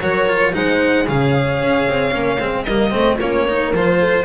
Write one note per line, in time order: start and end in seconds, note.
0.00 0.53 F#3
0.00 0.28 F#4
0.00 0.54 A#4
0.00 0.54 C#5
0.28 0.52 F4
0.52 1.08 G#3
0.52 1.06 D#4
0.52 1.08 C5
0.52 1.07 F#5
1.07 1.61 C#3
1.07 2.11 G#4
1.07 2.52 C#5
1.07 2.63 F5
1.61 1.87 C#4
1.88 2.14 C4
2.11 2.40 A#3
2.11 2.37 C#4
2.39 2.66 G#3
2.39 2.66 C4
2.52 2.66 C5
2.63 2.92 G3
2.63 2.90 A#3
2.63 2.92 A#4
2.63 3.16 D#5
2.90 3.20 A3
2.90 3.17 C4
2.90 3.18 C5
3.18 3.73 A#3
3.18 3.47 C#4
3.18 3.43 F4
3.18 3.72 C#5
3.43 3.74 D#4
3.43 3.96 A#4
3.73 4.25 F3
3.73 4.25 F4
3.73 4.25 C5
3.99 4.25 A4